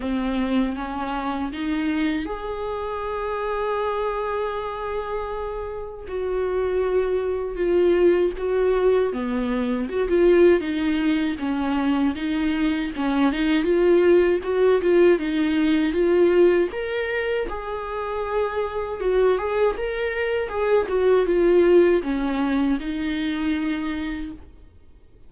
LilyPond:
\new Staff \with { instrumentName = "viola" } { \time 4/4 \tempo 4 = 79 c'4 cis'4 dis'4 gis'4~ | gis'1 | fis'2 f'4 fis'4 | b4 fis'16 f'8. dis'4 cis'4 |
dis'4 cis'8 dis'8 f'4 fis'8 f'8 | dis'4 f'4 ais'4 gis'4~ | gis'4 fis'8 gis'8 ais'4 gis'8 fis'8 | f'4 cis'4 dis'2 | }